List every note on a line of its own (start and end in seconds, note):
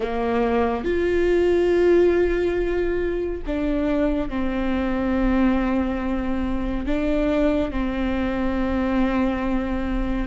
0.00 0.84 A#3
0.84 3.41 F4
3.46 4.29 D4
4.29 6.86 C4
6.86 7.71 D4
7.71 10.27 C4